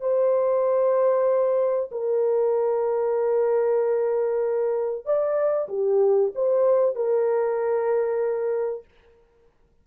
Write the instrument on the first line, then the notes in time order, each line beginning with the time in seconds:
horn
0.00 C5
1.91 A#4
5.05 D5
5.68 G4
6.35 C5
6.95 A#4